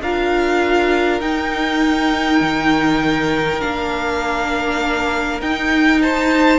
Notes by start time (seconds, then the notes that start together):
0.00 D4 F4 A#4 F5
1.21 D#4 G5
2.41 D#3
3.60 A#3 D4 F5
5.41 D#4 G5
6.02 C5 A5